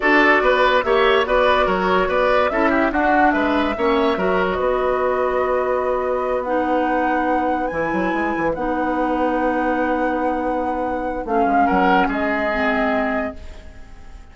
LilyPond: <<
  \new Staff \with { instrumentName = "flute" } { \time 4/4 \tempo 4 = 144 d''2 e''4 d''4 | cis''4 d''4 e''4 fis''4 | e''2~ e''8. dis''4~ dis''16~ | dis''2.~ dis''8 fis''8~ |
fis''2~ fis''8 gis''4.~ | gis''8 fis''2.~ fis''8~ | fis''2. f''4 | fis''4 dis''2. | }
  \new Staff \with { instrumentName = "oboe" } { \time 4/4 a'4 b'4 cis''4 b'4 | ais'4 b'4 a'8 g'8 fis'4 | b'4 cis''4 ais'4 b'4~ | b'1~ |
b'1~ | b'1~ | b'1 | ais'4 gis'2. | }
  \new Staff \with { instrumentName = "clarinet" } { \time 4/4 fis'2 g'4 fis'4~ | fis'2 e'4 d'4~ | d'4 cis'4 fis'2~ | fis'2.~ fis'8 dis'8~ |
dis'2~ dis'8 e'4.~ | e'8 dis'2.~ dis'8~ | dis'2. cis'4~ | cis'2 c'2 | }
  \new Staff \with { instrumentName = "bassoon" } { \time 4/4 d'4 b4 ais4 b4 | fis4 b4 cis'4 d'4 | gis4 ais4 fis4 b4~ | b1~ |
b2~ b8 e8 fis8 gis8 | e8 b2.~ b8~ | b2. a8 gis8 | fis4 gis2. | }
>>